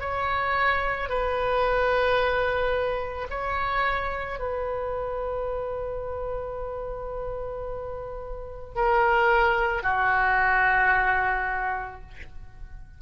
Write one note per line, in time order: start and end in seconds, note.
0.00 1.09 C#5
1.10 3.28 B4
3.30 4.39 C#5
4.39 8.76 B4
8.76 9.83 A#4
9.83 12.01 F#4